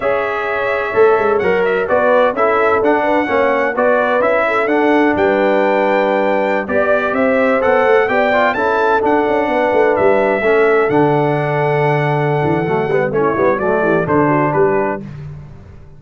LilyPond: <<
  \new Staff \with { instrumentName = "trumpet" } { \time 4/4 \tempo 4 = 128 e''2. fis''8 e''8 | d''4 e''4 fis''2 | d''4 e''4 fis''4 g''4~ | g''2~ g''16 d''4 e''8.~ |
e''16 fis''4 g''4 a''4 fis''8.~ | fis''4~ fis''16 e''2 fis''8.~ | fis''1 | cis''4 d''4 c''4 b'4 | }
  \new Staff \with { instrumentName = "horn" } { \time 4/4 cis''1 | b'4 a'4. b'8 cis''4 | b'4. a'4. b'4~ | b'2~ b'16 d''4 c''8.~ |
c''4~ c''16 d''4 a'4.~ a'16~ | a'16 b'2 a'4.~ a'16~ | a'1 | e'4 fis'8 g'8 a'8 fis'8 g'4 | }
  \new Staff \with { instrumentName = "trombone" } { \time 4/4 gis'2 a'4 ais'4 | fis'4 e'4 d'4 cis'4 | fis'4 e'4 d'2~ | d'2~ d'16 g'4.~ g'16~ |
g'16 a'4 g'8 f'8 e'4 d'8.~ | d'2~ d'16 cis'4 d'8.~ | d'2. a8 b8 | cis'8 b8 a4 d'2 | }
  \new Staff \with { instrumentName = "tuba" } { \time 4/4 cis'2 a8 gis8 fis4 | b4 cis'4 d'4 ais4 | b4 cis'4 d'4 g4~ | g2~ g16 b4 c'8.~ |
c'16 b8 a8 b4 cis'4 d'8 cis'16~ | cis'16 b8 a8 g4 a4 d8.~ | d2~ d8 e8 fis8 g8 | a8 g8 fis8 e8 d4 g4 | }
>>